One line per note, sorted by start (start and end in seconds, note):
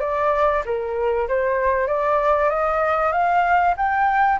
0.00 0.62 D5
0.65 1.28 A#4
1.28 1.87 C5
1.87 2.49 D5
2.49 3.12 D#5
3.12 3.74 F5
3.77 4.39 G5